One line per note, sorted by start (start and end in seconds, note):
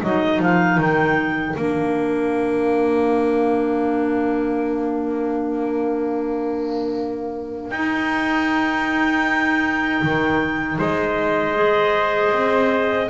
0.00 0.40 F#3
0.00 1.56 D#4
0.00 10.77 A#4
0.00 0.42 D#5
0.40 0.78 F3
0.40 0.81 F5
0.78 1.55 D#3
0.78 1.56 G5
1.56 7.71 A#3
1.56 7.72 D4
1.56 7.71 F5
7.71 10.02 D#4
7.71 11.55 D#4
7.71 10.78 G5
10.03 10.79 D#3
10.79 12.33 G#3
10.79 13.10 C5
10.79 13.10 D#5
11.55 13.09 G#4
12.33 13.09 C4